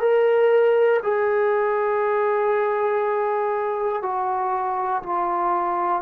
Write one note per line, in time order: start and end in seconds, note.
0.00 1.00 A#4
1.02 4.02 G#4
4.02 5.02 F#4
5.03 6.02 F4